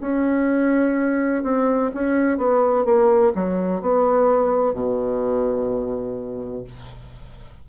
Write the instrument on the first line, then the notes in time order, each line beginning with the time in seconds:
bassoon
0.00 C#4
1.43 C4
1.94 C#4
2.37 B3
2.85 A#3
3.35 F#3
3.81 B3
4.73 B2